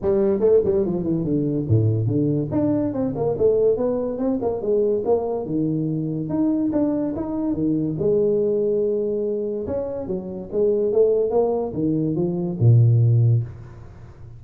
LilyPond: \new Staff \with { instrumentName = "tuba" } { \time 4/4 \tempo 4 = 143 g4 a8 g8 f8 e8 d4 | a,4 d4 d'4 c'8 ais8 | a4 b4 c'8 ais8 gis4 | ais4 dis2 dis'4 |
d'4 dis'4 dis4 gis4~ | gis2. cis'4 | fis4 gis4 a4 ais4 | dis4 f4 ais,2 | }